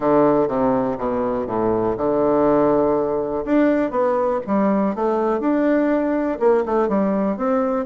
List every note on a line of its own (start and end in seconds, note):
0.00 0.47 D3
0.47 0.97 C3
0.97 1.46 B2
1.46 1.96 A2
1.97 3.44 D3
3.45 3.91 D4
3.91 4.40 B3
4.46 4.95 G3
4.95 5.40 A3
5.40 6.38 D4
6.39 6.64 A#3
6.65 6.88 A3
6.88 7.36 G3
7.36 7.85 C4